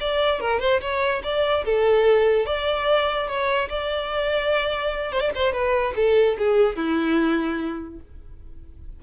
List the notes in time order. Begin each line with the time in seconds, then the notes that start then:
0.00 D5
0.40 A#4
0.59 C5
0.81 C#5
1.23 D5
1.65 A4
2.45 D5
3.27 C#5
3.69 D5
5.12 C5
5.20 D5
5.35 C5
5.52 B4
5.95 A4
6.38 G#4
6.76 E4